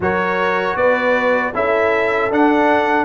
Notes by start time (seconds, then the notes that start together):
0.00 F#3 F#4 A#4 C#5
0.75 B3 B4 D5
1.54 C#4 E4 A4 E5
2.29 D4 F#5